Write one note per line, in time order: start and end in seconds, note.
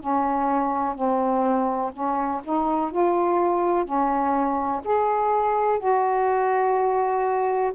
0.00 0.95 C#4
0.95 1.91 C4
1.93 2.41 C#4
2.44 2.91 D#4
2.91 3.85 F4
3.85 4.82 C#4
4.84 5.79 G#4
5.79 7.72 F#4